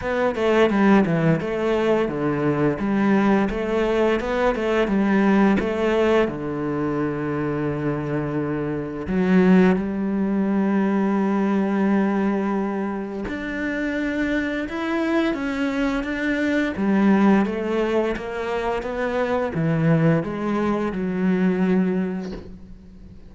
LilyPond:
\new Staff \with { instrumentName = "cello" } { \time 4/4 \tempo 4 = 86 b8 a8 g8 e8 a4 d4 | g4 a4 b8 a8 g4 | a4 d2.~ | d4 fis4 g2~ |
g2. d'4~ | d'4 e'4 cis'4 d'4 | g4 a4 ais4 b4 | e4 gis4 fis2 | }